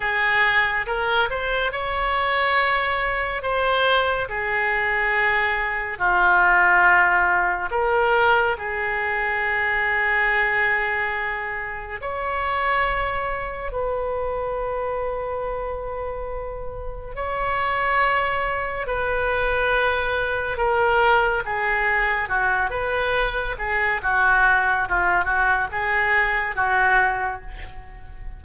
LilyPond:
\new Staff \with { instrumentName = "oboe" } { \time 4/4 \tempo 4 = 70 gis'4 ais'8 c''8 cis''2 | c''4 gis'2 f'4~ | f'4 ais'4 gis'2~ | gis'2 cis''2 |
b'1 | cis''2 b'2 | ais'4 gis'4 fis'8 b'4 gis'8 | fis'4 f'8 fis'8 gis'4 fis'4 | }